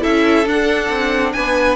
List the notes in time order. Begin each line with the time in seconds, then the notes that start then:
0.00 C#4 E4 A4 E5
0.45 D4 F#5
0.89 C4
1.32 B3 B4 G#5